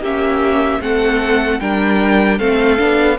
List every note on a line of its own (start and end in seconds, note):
0.00 0.79 A#3
0.00 0.81 C#4
0.00 0.79 G4
0.00 0.82 E5
0.81 1.60 A3
0.81 1.60 C4
0.81 1.61 A4
0.81 1.60 F#5
1.60 2.39 G3
1.60 2.40 D4
1.60 2.38 A#4
1.60 2.39 G5
2.38 2.79 A3
2.38 2.78 C4
2.38 3.17 A4
2.38 3.18 F5
2.78 3.19 B3
2.78 3.17 D4